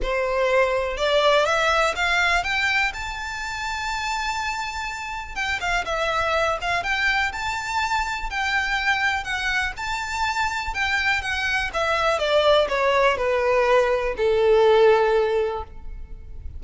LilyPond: \new Staff \with { instrumentName = "violin" } { \time 4/4 \tempo 4 = 123 c''2 d''4 e''4 | f''4 g''4 a''2~ | a''2. g''8 f''8 | e''4. f''8 g''4 a''4~ |
a''4 g''2 fis''4 | a''2 g''4 fis''4 | e''4 d''4 cis''4 b'4~ | b'4 a'2. | }